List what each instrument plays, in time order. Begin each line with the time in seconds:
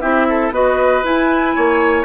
0.00 bassoon C4, clarinet E4, oboe G4, flute E5
0.29 oboe A4
0.51 bassoon B3, clarinet F#4, oboe B4, flute D#5
1.03 clarinet E4, bassoon E4, flute G#5
1.55 bassoon A#3, oboe C#5